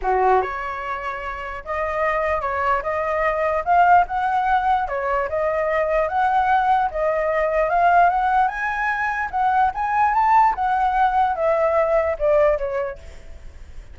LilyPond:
\new Staff \with { instrumentName = "flute" } { \time 4/4 \tempo 4 = 148 fis'4 cis''2. | dis''2 cis''4 dis''4~ | dis''4 f''4 fis''2 | cis''4 dis''2 fis''4~ |
fis''4 dis''2 f''4 | fis''4 gis''2 fis''4 | gis''4 a''4 fis''2 | e''2 d''4 cis''4 | }